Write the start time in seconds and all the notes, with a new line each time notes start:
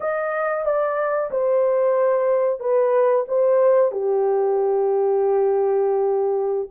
0.00 D#5
0.65 D5
1.30 C5
2.60 B4
3.28 C5
3.91 G4